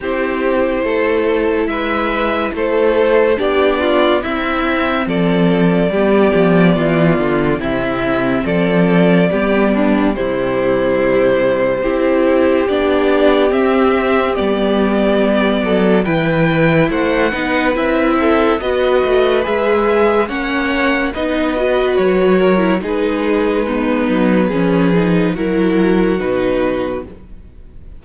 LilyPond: <<
  \new Staff \with { instrumentName = "violin" } { \time 4/4 \tempo 4 = 71 c''2 e''4 c''4 | d''4 e''4 d''2~ | d''4 e''4 d''2 | c''2. d''4 |
e''4 d''2 g''4 | fis''4 e''4 dis''4 e''4 | fis''4 dis''4 cis''4 b'4~ | b'2 ais'4 b'4 | }
  \new Staff \with { instrumentName = "violin" } { \time 4/4 g'4 a'4 b'4 a'4 | g'8 f'8 e'4 a'4 g'4 | f'4 e'4 a'4 g'8 d'8 | e'2 g'2~ |
g'2~ g'8 a'8 b'4 | c''8 b'4 a'8 b'2 | cis''4 b'4. ais'8 gis'4 | dis'4 gis'4 fis'2 | }
  \new Staff \with { instrumentName = "viola" } { \time 4/4 e'1 | d'4 c'2 b4~ | b4 c'2 b4 | g2 e'4 d'4 |
c'4 b2 e'4~ | e'8 dis'8 e'4 fis'4 gis'4 | cis'4 dis'8 fis'4~ fis'16 e'16 dis'4 | b4 cis'8 dis'8 e'4 dis'4 | }
  \new Staff \with { instrumentName = "cello" } { \time 4/4 c'4 a4 gis4 a4 | b4 c'4 f4 g8 f8 | e8 d8 c4 f4 g4 | c2 c'4 b4 |
c'4 g4. fis8 e4 | a8 b8 c'4 b8 a8 gis4 | ais4 b4 fis4 gis4~ | gis8 fis8 f4 fis4 b,4 | }
>>